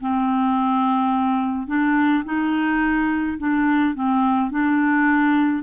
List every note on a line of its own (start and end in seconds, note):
0.00 1.67 C4
1.67 2.23 D4
2.24 3.38 D#4
3.38 3.94 D4
3.94 4.50 C4
4.50 5.62 D4